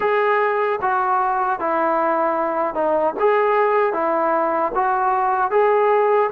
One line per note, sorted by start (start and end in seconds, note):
0.00 0.79 G#4
0.81 1.59 F#4
1.59 2.74 E4
2.74 3.14 D#4
3.19 3.93 G#4
3.93 4.72 E4
4.74 5.50 F#4
5.50 6.29 G#4